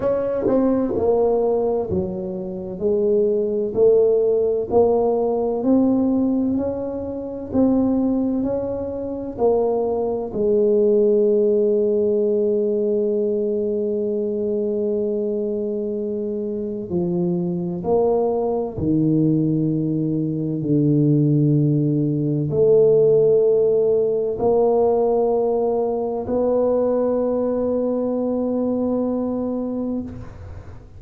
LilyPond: \new Staff \with { instrumentName = "tuba" } { \time 4/4 \tempo 4 = 64 cis'8 c'8 ais4 fis4 gis4 | a4 ais4 c'4 cis'4 | c'4 cis'4 ais4 gis4~ | gis1~ |
gis2 f4 ais4 | dis2 d2 | a2 ais2 | b1 | }